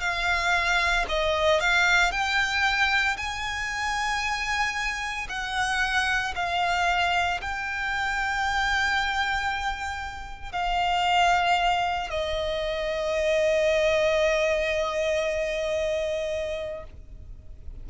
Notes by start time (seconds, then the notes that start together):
0.00 F5
1.09 D#5
1.60 F5
2.11 G5
3.17 G#5
5.29 F#5
6.35 F5
7.41 G5
10.52 F5
12.10 D#5